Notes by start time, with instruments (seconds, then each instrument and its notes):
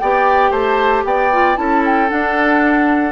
0.00 bassoon B3, clarinet G4, oboe D5, flute G5
0.51 bassoon A3, oboe C5, flute A5
1.04 bassoon B3, oboe D5, flute G5
1.32 clarinet F4
1.56 bassoon C#4, clarinet E4, oboe A4, flute A5
1.85 flute G5
2.09 clarinet D4, bassoon D4, flute F#5